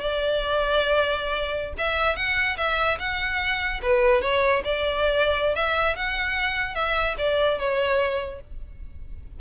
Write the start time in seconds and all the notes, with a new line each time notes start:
0.00 D5
1.78 E5
2.16 F#5
2.57 E5
2.99 F#5
3.82 B4
4.21 C#5
4.64 D5
5.55 E5
5.96 F#5
6.75 E5
7.18 D5
7.58 C#5